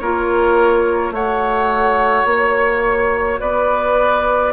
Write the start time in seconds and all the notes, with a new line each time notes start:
0.00 A#3 F4 A#4 C#5
1.11 A3 F#4 C#5 F#5
2.25 A#3 C#5
3.40 B3 B4 D5